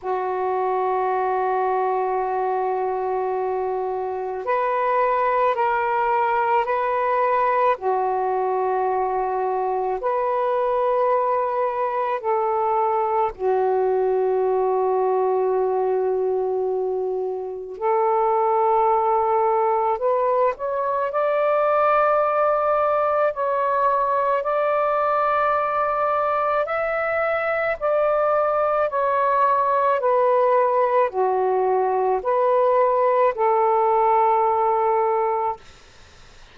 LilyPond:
\new Staff \with { instrumentName = "saxophone" } { \time 4/4 \tempo 4 = 54 fis'1 | b'4 ais'4 b'4 fis'4~ | fis'4 b'2 a'4 | fis'1 |
a'2 b'8 cis''8 d''4~ | d''4 cis''4 d''2 | e''4 d''4 cis''4 b'4 | fis'4 b'4 a'2 | }